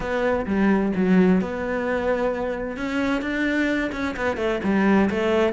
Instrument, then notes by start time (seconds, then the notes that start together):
cello
0.00 B3
0.46 G3
0.95 F#3
1.41 B3
2.77 C#4
3.21 D4
3.92 C#4
4.16 B3
4.37 A3
4.63 G3
5.10 A3